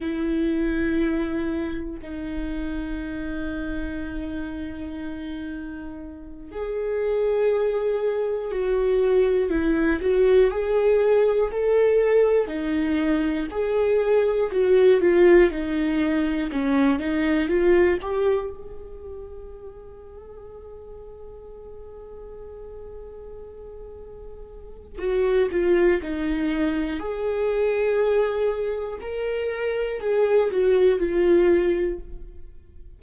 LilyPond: \new Staff \with { instrumentName = "viola" } { \time 4/4 \tempo 4 = 60 e'2 dis'2~ | dis'2~ dis'8 gis'4.~ | gis'8 fis'4 e'8 fis'8 gis'4 a'8~ | a'8 dis'4 gis'4 fis'8 f'8 dis'8~ |
dis'8 cis'8 dis'8 f'8 g'8 gis'4.~ | gis'1~ | gis'4 fis'8 f'8 dis'4 gis'4~ | gis'4 ais'4 gis'8 fis'8 f'4 | }